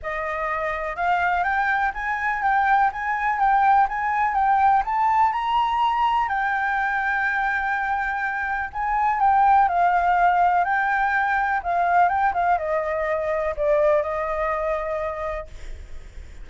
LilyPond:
\new Staff \with { instrumentName = "flute" } { \time 4/4 \tempo 4 = 124 dis''2 f''4 g''4 | gis''4 g''4 gis''4 g''4 | gis''4 g''4 a''4 ais''4~ | ais''4 g''2.~ |
g''2 gis''4 g''4 | f''2 g''2 | f''4 g''8 f''8 dis''2 | d''4 dis''2. | }